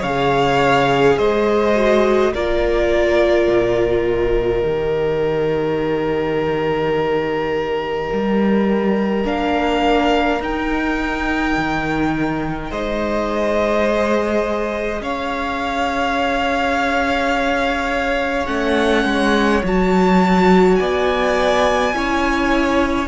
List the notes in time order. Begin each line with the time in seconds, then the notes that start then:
0.00 C#3 G#4 C#5 F5
1.18 G#3 C5 D#5
1.76 F#4
2.34 A#3 F4 A#4 D5
3.48 A#2
4.07 D#5
4.62 D#3 G4
8.13 G3
9.25 A#3 D4 F5
10.40 D#4 G5
11.57 D#3
12.70 G#3 C5 D#5
13.86 G#4
15.01 C#4 C#5 F5
18.45 A3 C#4 F#5
19.05 G#3
19.64 F#3 F#4 A5
20.76 B3 D5 G#5
21.93 C#4 E4 C#5